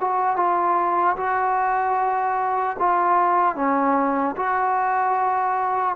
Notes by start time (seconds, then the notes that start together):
0.00 F#4
0.36 F4
1.16 F#4
2.79 F4
3.55 C#4
4.36 F#4